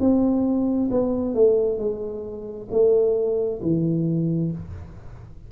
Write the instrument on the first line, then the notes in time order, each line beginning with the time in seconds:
tuba
0.00 C4
0.91 B3
1.34 A3
1.78 G#3
2.71 A3
3.61 E3